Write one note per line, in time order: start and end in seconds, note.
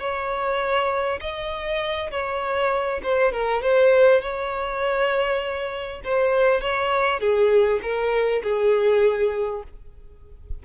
0.00 1.20 C#5
1.21 2.11 D#5
2.11 3.01 C#5
3.03 3.32 C5
3.32 3.62 A#4
3.62 4.22 C5
4.22 6.02 C#5
6.04 6.61 C5
6.61 7.20 C#5
7.20 7.80 G#4
7.82 8.42 A#4
8.43 9.63 G#4